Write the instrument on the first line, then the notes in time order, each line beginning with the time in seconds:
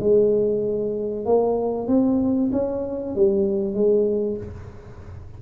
tuba
0.00 G#3
1.26 A#3
1.87 C4
2.52 C#4
3.16 G3
3.74 G#3